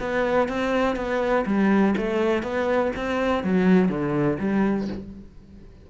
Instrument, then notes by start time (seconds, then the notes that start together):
cello
0.00 B3
0.48 C4
0.96 B3
1.46 G3
1.97 A3
2.43 B3
2.96 C4
3.43 F#3
3.89 D3
4.39 G3